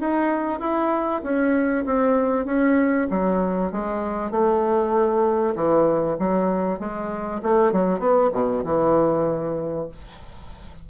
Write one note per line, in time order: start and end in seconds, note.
0.00 0.60 D#4
0.60 1.22 E4
1.23 1.85 C#4
1.86 2.45 C4
2.45 3.07 C#4
3.10 3.72 F#3
3.72 4.31 G#3
4.31 5.55 A3
5.55 6.17 E3
6.19 6.79 F#3
6.79 7.41 G#3
7.43 7.72 A3
7.72 7.99 F#3
7.99 8.30 B3
8.33 8.64 B2
8.64 9.88 E3